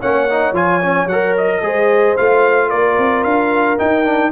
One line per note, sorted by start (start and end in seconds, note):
0.00 0.52 A#3
0.00 0.29 C#4
0.00 1.62 C#5
0.00 0.55 F#5
0.29 0.54 D#4
0.52 1.06 F3
0.52 0.81 F4
0.52 1.08 G#5
0.82 1.09 C#4
1.06 1.60 F#3
1.06 1.62 A#4
1.06 1.35 F#5
1.37 2.17 D#5
1.61 2.16 G#3
1.61 2.16 G#4
1.61 2.69 C5
2.17 2.73 A3
2.17 3.78 F4
2.17 2.69 F5
2.69 2.98 A#3
2.69 4.31 A#4
2.69 3.24 D5
2.98 3.25 C4
3.24 3.79 D4
3.24 3.78 F5
3.78 4.05 D#4
3.78 4.32 D#4
3.78 4.32 G5
4.05 4.32 D4